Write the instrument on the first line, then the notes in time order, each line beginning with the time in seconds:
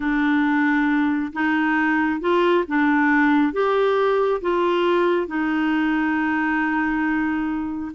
clarinet
0.00 D4
1.32 D#4
2.20 F4
2.67 D4
3.52 G4
4.41 F4
5.27 D#4